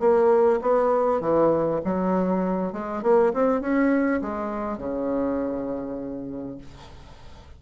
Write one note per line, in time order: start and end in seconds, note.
0.00 0.60 A#3
0.62 1.21 B3
1.21 1.81 E3
1.85 2.73 F#3
2.73 3.03 G#3
3.03 3.33 A#3
3.34 3.61 C4
3.61 4.21 C#4
4.22 4.78 G#3
4.78 6.58 C#3